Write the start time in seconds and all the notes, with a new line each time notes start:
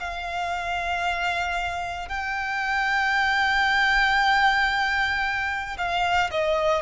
0.00 F5
2.09 G5
5.78 F5
6.31 D#5